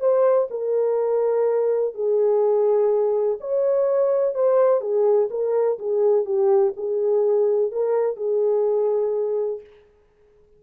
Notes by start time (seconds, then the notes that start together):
0.00 C5
0.51 A#4
1.94 G#4
3.40 C#5
4.35 C5
4.81 G#4
5.30 A#4
5.79 G#4
6.25 G4
6.77 G#4
7.72 A#4
8.16 G#4